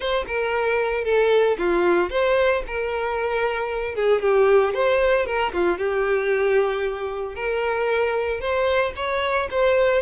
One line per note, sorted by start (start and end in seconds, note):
0.00 0.25 C5
0.27 1.04 A#4
1.04 1.57 A4
1.58 2.10 F4
2.10 2.62 C5
2.67 3.95 A#4
3.95 4.21 G#4
4.21 4.73 G4
4.73 5.26 C5
5.26 5.52 A#4
5.52 5.78 F4
5.78 7.35 G4
7.35 8.40 A#4
8.40 8.92 C5
8.96 9.48 C#5
9.50 10.01 C5